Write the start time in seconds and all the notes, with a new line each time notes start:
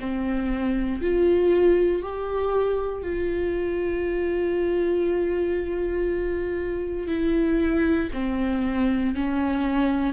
0.00 C4
1.02 F4
2.02 G4
3.03 F4
7.08 E4
8.13 C4
9.15 C#4